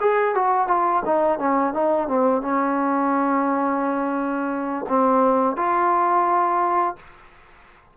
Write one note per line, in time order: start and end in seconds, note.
0.00 0.35 G#4
0.35 0.68 F#4
0.68 1.02 F4
1.05 1.39 D#4
1.39 1.73 C#4
1.73 2.08 D#4
2.08 2.41 C4
2.41 4.86 C#4
4.88 5.56 C4
5.56 6.96 F4